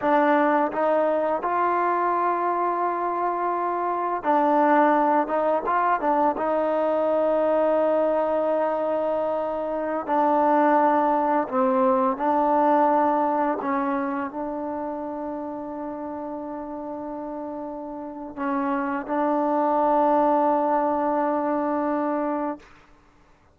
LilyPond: \new Staff \with { instrumentName = "trombone" } { \time 4/4 \tempo 4 = 85 d'4 dis'4 f'2~ | f'2 d'4. dis'8 | f'8 d'8 dis'2.~ | dis'2~ dis'16 d'4.~ d'16~ |
d'16 c'4 d'2 cis'8.~ | cis'16 d'2.~ d'8.~ | d'2 cis'4 d'4~ | d'1 | }